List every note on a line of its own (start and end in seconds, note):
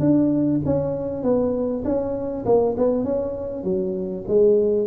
0.00 0.61 D4
0.66 1.23 C#4
1.23 1.84 B3
1.85 2.45 C#4
2.45 2.76 A#3
2.78 3.04 B3
3.04 3.64 C#4
3.64 4.25 F#3
4.28 4.88 G#3